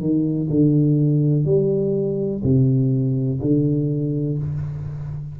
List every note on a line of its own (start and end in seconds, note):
0.00 0.48 D#3
0.49 1.45 D3
1.45 2.41 G3
2.43 3.40 C3
3.41 4.38 D3